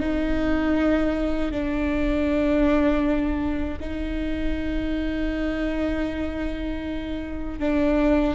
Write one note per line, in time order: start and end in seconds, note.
0.00 1.51 D#4
1.51 3.79 D4
3.80 7.59 D#4
7.59 8.35 D4